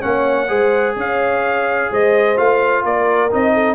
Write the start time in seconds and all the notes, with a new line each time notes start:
0.00 A#3 C#4 C#5 F#5
0.48 G#3 G#4 C5
0.96 C#4 C#5 F5
1.91 G#3 C5 D#5
2.36 A3 F4 F5
2.84 A#3 A#4 D5
3.31 C4 D#4 D#5
3.53 A4